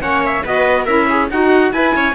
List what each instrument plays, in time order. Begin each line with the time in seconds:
0.00 cello A#3, saxophone C#4, viola C#5, trumpet F#5
0.25 trumpet E5
0.44 cello B3, saxophone F#4, viola B4, trumpet D#5
0.85 cello C#4, saxophone E4, viola A#4, trumpet E5
1.09 viola G#4
1.31 saxophone D#4, cello D#4, viola F#4, trumpet F#5
1.71 saxophone E4, cello E4, viola B4, trumpet G#5
1.95 cello C#4, viola C#5